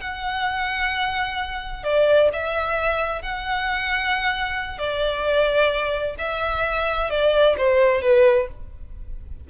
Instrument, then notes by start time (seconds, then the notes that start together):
violin
0.00 F#5
1.83 D5
2.32 E5
3.21 F#5
4.78 D5
6.18 E5
7.10 D5
7.57 C5
8.01 B4